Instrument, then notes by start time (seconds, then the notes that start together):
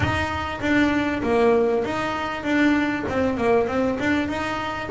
double bass
0.00 D#4
0.60 D4
1.22 A#3
1.84 D#4
2.43 D4
3.08 C4
3.37 A#3
3.67 C4
3.99 D4
4.28 D#4